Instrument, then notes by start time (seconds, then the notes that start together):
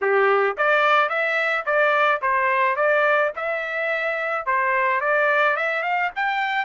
trumpet
0.01 G4
0.57 D5
1.09 E5
1.65 D5
2.21 C5
2.76 D5
3.36 E5
4.46 C5
5.01 D5
5.56 E5
5.82 F5
6.15 G5